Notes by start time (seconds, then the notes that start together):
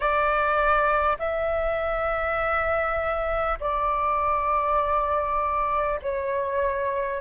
0.00 D5
1.18 E5
3.59 D5
6.02 C#5